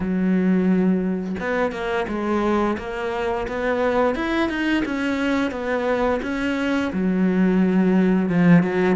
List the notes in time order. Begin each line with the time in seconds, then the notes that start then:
0.00 F#3
1.40 B3
1.71 A#3
2.08 G#3
2.78 A#3
3.47 B3
4.15 E4
4.49 D#4
4.85 C#4
5.51 B3
6.22 C#4
6.92 F#3
8.29 F3
8.62 F#3